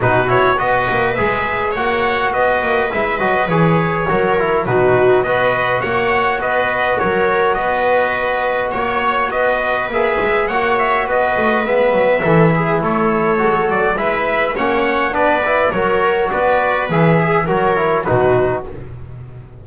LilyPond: <<
  \new Staff \with { instrumentName = "trumpet" } { \time 4/4 \tempo 4 = 103 b'8 cis''8 dis''4 e''4 fis''4 | dis''4 e''8 dis''8 cis''2 | b'4 dis''4 fis''4 dis''4 | cis''4 dis''2 cis''4 |
dis''4 e''4 fis''8 e''8 dis''4 | e''2 cis''4. d''8 | e''4 fis''4 d''4 cis''4 | d''4 e''4 cis''4 b'4 | }
  \new Staff \with { instrumentName = "viola" } { \time 4/4 fis'4 b'2 cis''4 | b'2. ais'4 | fis'4 b'4 cis''4 b'4 | ais'4 b'2 cis''4 |
b'2 cis''4 b'4~ | b'4 a'8 gis'8 a'2 | b'4 cis''4 b'4 ais'4 | b'4. gis'8 ais'4 fis'4 | }
  \new Staff \with { instrumentName = "trombone" } { \time 4/4 dis'8 e'8 fis'4 gis'4 fis'4~ | fis'4 e'8 fis'8 gis'4 fis'8 e'8 | dis'4 fis'2.~ | fis'1~ |
fis'4 gis'4 fis'2 | b4 e'2 fis'4 | e'4 cis'4 d'8 e'8 fis'4~ | fis'4 gis'4 fis'8 e'8 dis'4 | }
  \new Staff \with { instrumentName = "double bass" } { \time 4/4 b,4 b8 ais8 gis4 ais4 | b8 ais8 gis8 fis8 e4 fis4 | b,4 b4 ais4 b4 | fis4 b2 ais4 |
b4 ais8 gis8 ais4 b8 a8 | gis8 fis8 e4 a4 gis8 fis8 | gis4 ais4 b4 fis4 | b4 e4 fis4 b,4 | }
>>